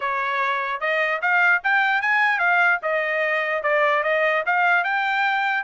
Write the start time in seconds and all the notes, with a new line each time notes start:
0.00 C#5
0.80 D#5
1.21 F5
1.63 G5
2.01 G#5
2.38 F5
2.82 D#5
3.62 D5
4.03 D#5
4.46 F5
4.84 G5